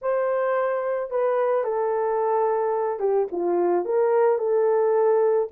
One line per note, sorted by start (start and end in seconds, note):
0.01 1.10 C5
1.10 1.64 B4
1.64 2.99 A4
2.99 3.27 G4
3.31 3.85 F4
3.85 4.38 A#4
4.38 5.48 A4